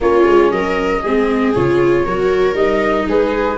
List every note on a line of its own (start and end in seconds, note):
0.01 0.25 A#3
0.01 1.04 C#4
0.01 0.52 F4
0.01 0.51 C#5
0.25 0.51 G#3
0.51 1.02 F#3
0.51 1.01 A#4
0.51 1.53 D#5
1.01 1.55 G#3
1.01 1.55 C4
1.01 2.04 G#4
1.54 2.05 C#3
1.54 2.07 F4
1.54 2.55 C#5
2.05 2.54 F#3
2.05 2.54 F#4
2.05 3.07 A#4
2.54 3.05 G3
2.54 3.57 D#4
2.54 3.06 D#5
3.07 3.57 G#3
3.07 3.57 G#4
3.07 3.57 B4